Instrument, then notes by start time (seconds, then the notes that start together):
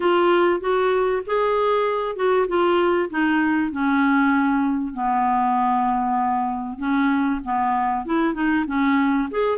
clarinet
0.00 F4
0.60 F#4
1.26 G#4
2.15 F#4
2.47 F4
3.09 D#4
3.71 C#4
4.93 B3
6.78 C#4
7.44 B3
8.05 E4
8.34 D#4
8.66 C#4
9.31 G#4